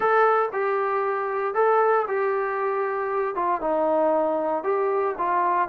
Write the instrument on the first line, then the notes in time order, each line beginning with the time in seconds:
trombone
0.00 A4
0.52 G4
1.54 A4
2.07 G4
3.35 F4
3.61 D#4
4.63 G4
5.18 F4